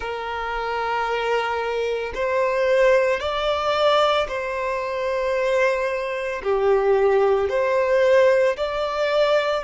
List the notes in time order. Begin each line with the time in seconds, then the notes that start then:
0.00 A#4
2.14 C5
3.19 D5
4.28 C5
6.43 G4
7.49 C5
8.56 D5